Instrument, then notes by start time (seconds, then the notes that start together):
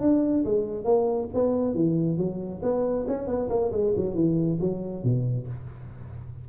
tuba
0.00 D4
0.44 G#3
0.84 A#3
1.34 B3
1.74 E3
2.17 F#3
2.62 B3
3.07 C#4
3.27 B3
3.49 A#3
3.72 G#3
3.96 F#3
4.14 E3
4.60 F#3
5.03 B2